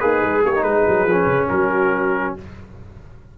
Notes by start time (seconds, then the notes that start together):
0.00 A#3 D#4 G#4 B4
0.23 G#3
0.43 A#3 G4 C#5
0.56 D#4
0.63 G#3 G#4 B4
0.88 F#3
1.05 F3
1.12 C#4
1.27 C#3
1.49 F#3 F#4 A#4